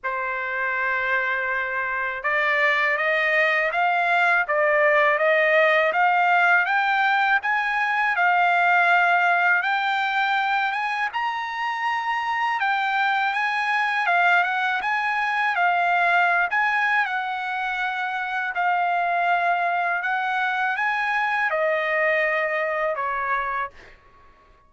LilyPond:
\new Staff \with { instrumentName = "trumpet" } { \time 4/4 \tempo 4 = 81 c''2. d''4 | dis''4 f''4 d''4 dis''4 | f''4 g''4 gis''4 f''4~ | f''4 g''4. gis''8 ais''4~ |
ais''4 g''4 gis''4 f''8 fis''8 | gis''4 f''4~ f''16 gis''8. fis''4~ | fis''4 f''2 fis''4 | gis''4 dis''2 cis''4 | }